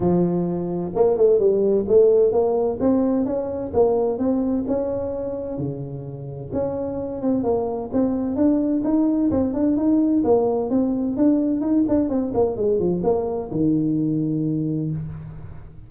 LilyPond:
\new Staff \with { instrumentName = "tuba" } { \time 4/4 \tempo 4 = 129 f2 ais8 a8 g4 | a4 ais4 c'4 cis'4 | ais4 c'4 cis'2 | cis2 cis'4. c'8 |
ais4 c'4 d'4 dis'4 | c'8 d'8 dis'4 ais4 c'4 | d'4 dis'8 d'8 c'8 ais8 gis8 f8 | ais4 dis2. | }